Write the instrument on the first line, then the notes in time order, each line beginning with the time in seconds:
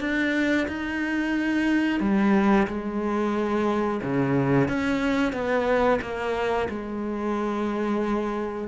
cello
0.00 D4
0.68 D#4
2.00 G3
2.67 G#3
4.02 C#3
4.68 C#4
5.33 B3
6.01 A#3
6.69 G#3